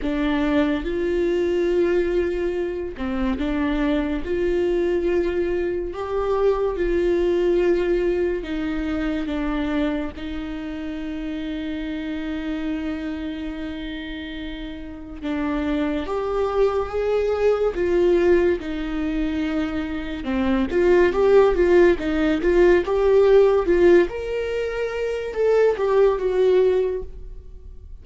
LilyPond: \new Staff \with { instrumentName = "viola" } { \time 4/4 \tempo 4 = 71 d'4 f'2~ f'8 c'8 | d'4 f'2 g'4 | f'2 dis'4 d'4 | dis'1~ |
dis'2 d'4 g'4 | gis'4 f'4 dis'2 | c'8 f'8 g'8 f'8 dis'8 f'8 g'4 | f'8 ais'4. a'8 g'8 fis'4 | }